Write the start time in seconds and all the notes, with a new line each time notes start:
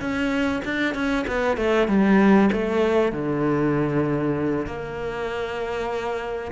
0.00 C#4
0.65 D4
0.95 C#4
1.27 B3
1.57 A3
1.88 G3
2.52 A3
3.12 D3
4.66 A#3